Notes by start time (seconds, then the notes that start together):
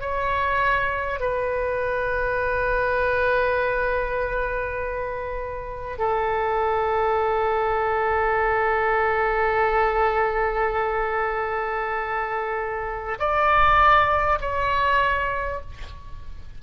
0.00 C#5
1.20 B4
5.98 A4
13.19 D5
14.41 C#5